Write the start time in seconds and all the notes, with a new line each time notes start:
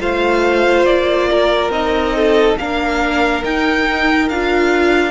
0.00 A3 F4 C5 F5
0.85 A#3 D5
1.31 A#4
1.70 C4 D#4 D#5
2.17 A4
2.58 A#3 D4 A#4 F5
3.44 D#4 G5
4.29 D4 F4 F5